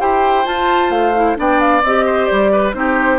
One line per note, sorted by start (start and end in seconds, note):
0.00 0.46 E4
0.00 0.45 G4
0.00 1.38 C5
0.00 0.46 G5
0.45 1.13 F4
0.45 0.90 F4
0.45 0.91 A5
0.90 1.36 A3
0.90 1.37 F5
1.15 1.36 E4
1.36 1.83 B3
1.36 1.82 D4
1.36 2.06 D5
1.36 1.60 G5
1.60 1.83 F5
1.83 2.29 C4
1.83 2.74 G4
1.83 2.26 D#5
2.06 2.52 C5
2.26 2.71 D5
2.32 2.74 G3
2.52 2.75 B4
2.74 3.19 C4
2.74 3.19 D#4
2.74 3.19 G4
2.74 3.19 C5